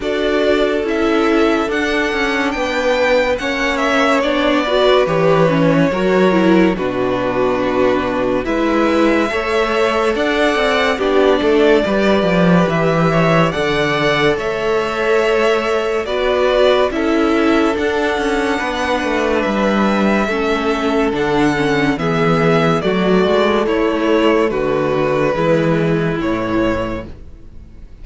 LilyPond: <<
  \new Staff \with { instrumentName = "violin" } { \time 4/4 \tempo 4 = 71 d''4 e''4 fis''4 g''4 | fis''8 e''8 d''4 cis''2 | b'2 e''2 | fis''4 d''2 e''4 |
fis''4 e''2 d''4 | e''4 fis''2 e''4~ | e''4 fis''4 e''4 d''4 | cis''4 b'2 cis''4 | }
  \new Staff \with { instrumentName = "violin" } { \time 4/4 a'2. b'4 | cis''4. b'4. ais'4 | fis'2 b'4 cis''4 | d''4 g'8 a'8 b'4. cis''8 |
d''4 cis''2 b'4 | a'2 b'2 | a'2 gis'4 fis'4 | e'4 fis'4 e'2 | }
  \new Staff \with { instrumentName = "viola" } { \time 4/4 fis'4 e'4 d'2 | cis'4 d'8 fis'8 g'8 cis'8 fis'8 e'8 | d'2 e'4 a'4~ | a'4 d'4 g'2 |
a'2. fis'4 | e'4 d'2. | cis'4 d'8 cis'8 b4 a4~ | a2 gis4 e4 | }
  \new Staff \with { instrumentName = "cello" } { \time 4/4 d'4 cis'4 d'8 cis'8 b4 | ais4 b4 e4 fis4 | b,2 gis4 a4 | d'8 c'8 b8 a8 g8 f8 e4 |
d4 a2 b4 | cis'4 d'8 cis'8 b8 a8 g4 | a4 d4 e4 fis8 gis8 | a4 d4 e4 a,4 | }
>>